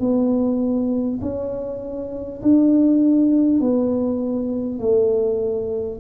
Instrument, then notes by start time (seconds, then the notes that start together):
tuba
0.00 B3
1.22 C#4
2.42 D4
3.61 B3
4.79 A3